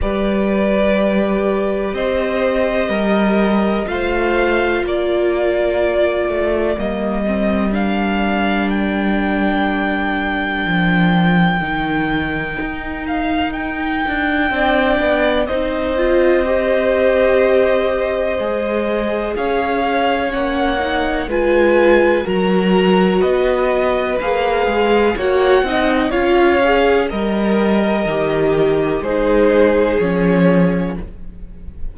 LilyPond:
<<
  \new Staff \with { instrumentName = "violin" } { \time 4/4 \tempo 4 = 62 d''2 dis''2 | f''4 d''2 dis''4 | f''4 g''2.~ | g''4. f''8 g''2 |
dis''1 | f''4 fis''4 gis''4 ais''4 | dis''4 f''4 fis''4 f''4 | dis''2 c''4 cis''4 | }
  \new Staff \with { instrumentName = "violin" } { \time 4/4 b'2 c''4 ais'4 | c''4 ais'2.~ | ais'1~ | ais'2. d''4 |
c''1 | cis''2 b'4 ais'4 | b'2 cis''8 dis''8 cis''4 | ais'2 gis'2 | }
  \new Staff \with { instrumentName = "viola" } { \time 4/4 g'1 | f'2. ais8 c'8 | d'1 | dis'2. d'4 |
dis'8 f'8 g'2 gis'4~ | gis'4 cis'8 dis'8 f'4 fis'4~ | fis'4 gis'4 fis'8 dis'8 f'8 gis'8 | ais'4 g'4 dis'4 cis'4 | }
  \new Staff \with { instrumentName = "cello" } { \time 4/4 g2 c'4 g4 | a4 ais4. a8 g4~ | g2. f4 | dis4 dis'4. d'8 c'8 b8 |
c'2. gis4 | cis'4 ais4 gis4 fis4 | b4 ais8 gis8 ais8 c'8 cis'4 | g4 dis4 gis4 f4 | }
>>